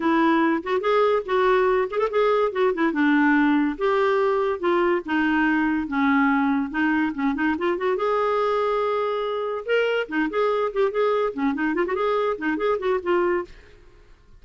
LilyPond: \new Staff \with { instrumentName = "clarinet" } { \time 4/4 \tempo 4 = 143 e'4. fis'8 gis'4 fis'4~ | fis'8 gis'16 a'16 gis'4 fis'8 e'8 d'4~ | d'4 g'2 f'4 | dis'2 cis'2 |
dis'4 cis'8 dis'8 f'8 fis'8 gis'4~ | gis'2. ais'4 | dis'8 gis'4 g'8 gis'4 cis'8 dis'8 | f'16 fis'16 gis'4 dis'8 gis'8 fis'8 f'4 | }